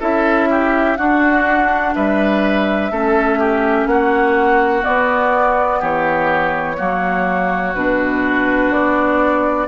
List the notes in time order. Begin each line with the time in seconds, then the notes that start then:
0.00 C#4 E4 A4 E5
0.50 G4
0.97 D4 F#4 F#5
1.95 G3 B4 E5
2.91 A3 C#4 A4
3.39 G4
3.86 A#3 F#4 F#5
4.83 B3 D5
5.79 E3 G4 C#5
6.77 F#3 A#3 F#4
7.75 B2 D4 B4
8.71 B3 D5